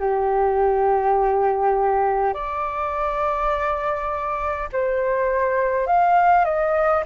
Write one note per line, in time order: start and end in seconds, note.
0.00 2.34 G4
2.34 4.69 D5
4.73 5.87 C5
5.87 6.45 F5
6.45 7.04 D#5